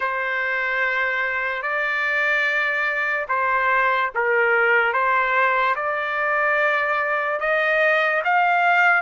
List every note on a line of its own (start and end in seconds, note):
0.00 1.62 C5
1.62 3.26 D5
3.28 4.10 C5
4.14 4.93 A#4
4.93 5.75 C5
5.75 7.40 D5
7.40 8.22 D#5
8.24 9.01 F5